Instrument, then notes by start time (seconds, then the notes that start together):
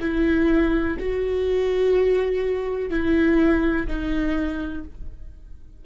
viola
0.00 E4
0.99 F#4
2.90 E4
3.87 D#4